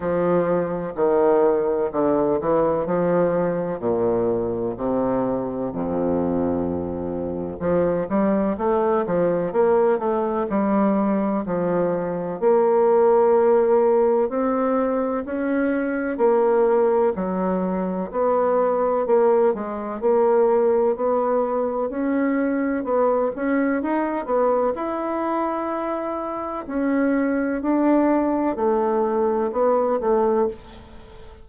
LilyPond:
\new Staff \with { instrumentName = "bassoon" } { \time 4/4 \tempo 4 = 63 f4 dis4 d8 e8 f4 | ais,4 c4 f,2 | f8 g8 a8 f8 ais8 a8 g4 | f4 ais2 c'4 |
cis'4 ais4 fis4 b4 | ais8 gis8 ais4 b4 cis'4 | b8 cis'8 dis'8 b8 e'2 | cis'4 d'4 a4 b8 a8 | }